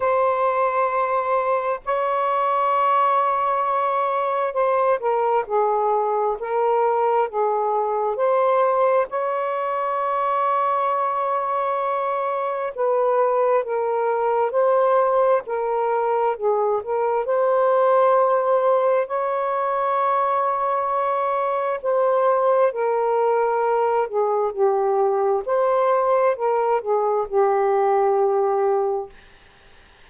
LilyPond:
\new Staff \with { instrumentName = "saxophone" } { \time 4/4 \tempo 4 = 66 c''2 cis''2~ | cis''4 c''8 ais'8 gis'4 ais'4 | gis'4 c''4 cis''2~ | cis''2 b'4 ais'4 |
c''4 ais'4 gis'8 ais'8 c''4~ | c''4 cis''2. | c''4 ais'4. gis'8 g'4 | c''4 ais'8 gis'8 g'2 | }